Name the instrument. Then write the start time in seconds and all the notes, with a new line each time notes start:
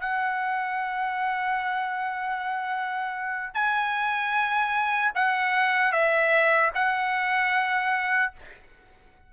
trumpet
0.00 F#5
3.53 G#5
5.15 F#5
5.92 E5
6.74 F#5